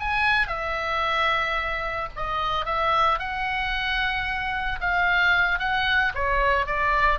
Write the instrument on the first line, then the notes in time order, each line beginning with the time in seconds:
oboe
0.00 G#5
0.48 E5
2.17 D#5
2.66 E5
3.19 F#5
4.81 F5
5.60 F#5
6.15 C#5
6.67 D5